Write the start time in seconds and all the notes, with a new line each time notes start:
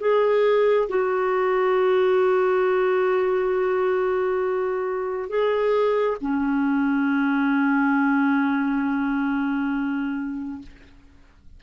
0.00 G#4
0.89 F#4
5.29 G#4
6.21 C#4